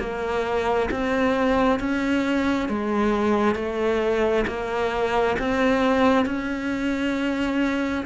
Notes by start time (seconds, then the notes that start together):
0.00 A#3
0.92 C4
1.80 C#4
2.69 G#3
3.56 A3
4.48 A#3
5.39 C4
6.26 C#4